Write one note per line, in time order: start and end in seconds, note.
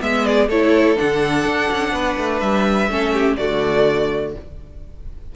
0.00 0.49 G#3
0.00 0.48 B3
0.00 0.26 E5
0.00 0.27 E5
0.26 0.48 G#4
0.26 0.49 D5
0.48 0.97 A3
0.48 0.96 E4
0.48 1.92 A4
0.48 0.98 C#5
0.96 1.45 D3
0.96 2.89 D4
0.96 2.40 F#5
1.45 1.69 D4
1.71 1.93 C#4
1.93 2.17 B3
1.93 2.90 B4
2.18 2.42 A3
2.40 2.89 G3
2.40 3.36 E5
2.89 3.37 A3
2.89 3.39 C#4
2.89 3.14 A4
3.14 3.38 G4
3.37 4.36 D3
3.37 4.35 A3
3.37 4.35 F#4
3.37 4.33 D5